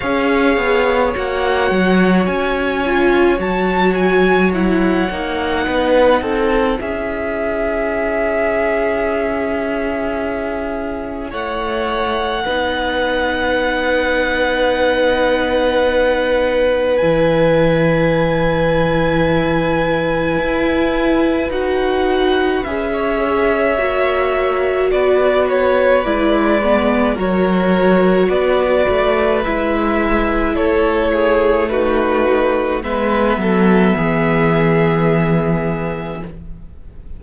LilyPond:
<<
  \new Staff \with { instrumentName = "violin" } { \time 4/4 \tempo 4 = 53 f''4 fis''4 gis''4 a''8 gis''8 | fis''2 e''2~ | e''2 fis''2~ | fis''2. gis''4~ |
gis''2. fis''4 | e''2 d''8 cis''8 d''4 | cis''4 d''4 e''4 cis''4 | b'4 e''2. | }
  \new Staff \with { instrumentName = "violin" } { \time 4/4 cis''1~ | cis''4 b'8 a'8 gis'2~ | gis'2 cis''4 b'4~ | b'1~ |
b'1~ | b'16 cis''4.~ cis''16 b'2 | ais'4 b'2 a'8 gis'8 | fis'4 b'8 a'8 gis'2 | }
  \new Staff \with { instrumentName = "viola" } { \time 4/4 gis'4 fis'4. f'8 fis'4 | e'8 dis'4. e'2~ | e'2. dis'4~ | dis'2. e'4~ |
e'2. fis'4 | gis'4 fis'2 e'8 b8 | fis'2 e'2 | dis'4 b2. | }
  \new Staff \with { instrumentName = "cello" } { \time 4/4 cis'8 b8 ais8 fis8 cis'4 fis4~ | fis8 ais8 b8 c'8 cis'2~ | cis'2 a4 b4~ | b2. e4~ |
e2 e'4 dis'4 | cis'4 ais4 b4 gis4 | fis4 b8 a8 gis4 a4~ | a4 gis8 fis8 e2 | }
>>